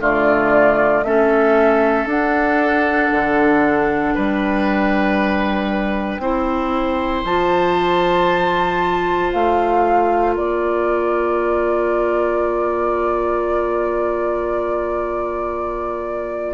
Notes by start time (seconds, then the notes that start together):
0.00 D3 A3 F4 D5
1.03 A3 C#4 A4 E5
2.06 D4 F#5
3.11 D3
4.14 G3 B4 G5
6.19 C4 E4 C5
7.24 F3 F4 A5
9.32 A3 F5
10.34 A#3 A#4 D5